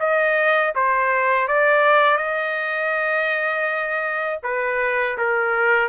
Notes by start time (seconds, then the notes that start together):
0.00 D#5
0.75 C5
1.48 D5
2.18 D#5
4.43 B4
5.18 A#4